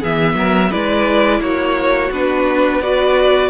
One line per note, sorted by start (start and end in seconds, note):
0.00 0.35 E3
0.00 0.71 B3
0.00 0.35 G#4
0.00 0.72 E5
0.35 0.70 F#3
0.35 0.70 A#4
0.70 1.40 G#3
0.70 2.11 E4
0.70 1.40 B4
0.70 1.41 D5
1.40 2.10 A#3
1.40 2.81 F#4
1.40 2.11 C#5
2.11 3.49 B3
2.11 2.83 D4
2.11 2.82 B4
2.82 3.49 F#4
2.82 3.49 B4
2.82 3.49 D5